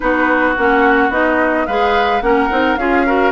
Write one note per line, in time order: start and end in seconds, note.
0.00 0.57 B3
0.00 0.55 D#4
0.00 1.67 F#4
0.00 0.55 B4
0.56 1.09 A#3
0.56 1.11 C#4
0.56 1.11 F#5
1.09 1.65 B3
1.09 1.66 D#4
1.09 1.66 D#5
1.66 2.21 G#3
1.66 2.21 G#4
1.66 2.22 B4
1.66 2.21 F5
2.21 2.49 A#3
2.21 2.49 C#4
2.21 2.79 A#4
2.21 2.76 F#5
2.50 2.76 C4
2.50 2.77 D#4
2.76 3.32 C#4
2.76 3.06 F4
2.76 3.06 G#4
2.76 3.32 F5
3.06 3.32 F#4
3.06 3.32 A#4